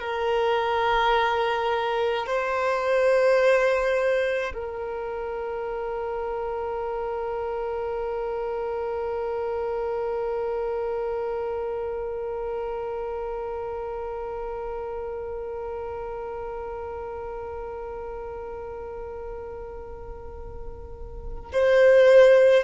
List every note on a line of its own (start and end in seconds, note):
0.00 2.26 A#4
2.26 4.53 C5
4.53 21.51 A#4
21.52 22.64 C5